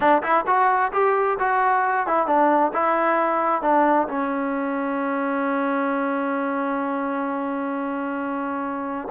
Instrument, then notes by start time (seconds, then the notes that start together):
trombone
0.00 D4
0.22 E4
0.46 F#4
0.92 G4
1.39 F#4
2.07 E4
2.26 D4
2.73 E4
3.62 D4
4.08 C#4